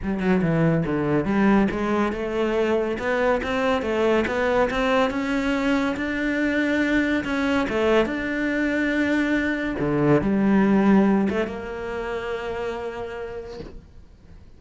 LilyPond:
\new Staff \with { instrumentName = "cello" } { \time 4/4 \tempo 4 = 141 g8 fis8 e4 d4 g4 | gis4 a2 b4 | c'4 a4 b4 c'4 | cis'2 d'2~ |
d'4 cis'4 a4 d'4~ | d'2. d4 | g2~ g8 a8 ais4~ | ais1 | }